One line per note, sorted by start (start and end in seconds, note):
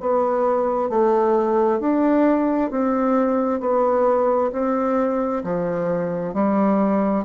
0.00 0.89 B3
0.89 1.80 A3
1.80 2.70 D4
2.70 3.60 C4
3.60 4.51 B3
4.52 5.43 C4
5.43 6.34 F3
6.34 7.24 G3